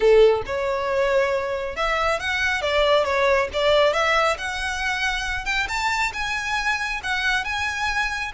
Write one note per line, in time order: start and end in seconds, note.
0.00 0.42 A4
0.46 1.76 C#5
1.76 2.19 E5
2.19 2.61 F#5
2.61 3.04 D5
3.04 3.48 C#5
3.53 3.93 D5
3.93 4.37 E5
4.38 5.45 F#5
5.45 5.67 G5
5.68 6.12 A5
6.13 7.01 G#5
7.03 7.44 F#5
7.44 8.32 G#5